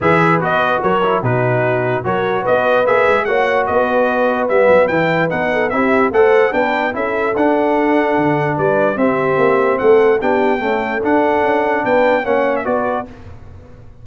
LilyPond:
<<
  \new Staff \with { instrumentName = "trumpet" } { \time 4/4 \tempo 4 = 147 e''4 dis''4 cis''4 b'4~ | b'4 cis''4 dis''4 e''4 | fis''4 dis''2 e''4 | g''4 fis''4 e''4 fis''4 |
g''4 e''4 fis''2~ | fis''4 d''4 e''2 | fis''4 g''2 fis''4~ | fis''4 g''4 fis''8. e''16 d''4 | }
  \new Staff \with { instrumentName = "horn" } { \time 4/4 b'2 ais'4 fis'4~ | fis'4 ais'4 b'2 | cis''4 b'2.~ | b'4. a'8 g'4 c''4 |
b'4 a'2.~ | a'4 b'4 g'2 | a'4 g'4 a'2~ | a'4 b'4 cis''4 b'4 | }
  \new Staff \with { instrumentName = "trombone" } { \time 4/4 gis'4 fis'4. e'8 dis'4~ | dis'4 fis'2 gis'4 | fis'2. b4 | e'4 dis'4 e'4 a'4 |
d'4 e'4 d'2~ | d'2 c'2~ | c'4 d'4 a4 d'4~ | d'2 cis'4 fis'4 | }
  \new Staff \with { instrumentName = "tuba" } { \time 4/4 e4 b4 fis4 b,4~ | b,4 fis4 b4 ais8 gis8 | ais4 b2 g8 fis8 | e4 b4 c'4 a4 |
b4 cis'4 d'2 | d4 g4 c'4 ais4 | a4 b4 cis'4 d'4 | cis'4 b4 ais4 b4 | }
>>